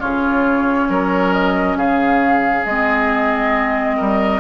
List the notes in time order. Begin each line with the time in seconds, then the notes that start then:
0.00 C#3 C#4 F4 C#5
0.89 F#3 A#4
1.33 D#5
1.76 C#3 G#4 F5
2.65 G#3 C4 D#5
3.97 G3 A#4